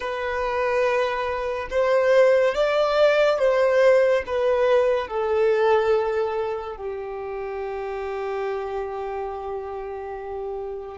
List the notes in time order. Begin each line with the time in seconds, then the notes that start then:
0.00 B4
1.70 C5
2.55 D5
3.38 C5
4.26 B4
5.07 A4
6.76 G4